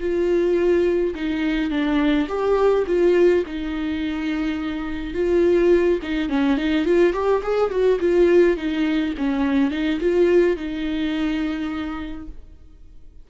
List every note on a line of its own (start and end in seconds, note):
0.00 1.14 F4
1.15 1.70 D#4
1.70 2.28 D4
2.28 2.85 G4
2.87 3.44 F4
3.46 5.14 D#4
5.14 6.00 F4
6.02 6.29 D#4
6.29 6.57 C#4
6.57 6.85 D#4
6.85 7.14 F4
7.14 7.42 G4
7.43 7.71 G#4
7.71 7.99 F#4
8.00 8.57 F4
8.57 9.14 D#4
9.18 9.71 C#4
9.71 9.99 D#4
10.00 10.57 F4
10.57 12.28 D#4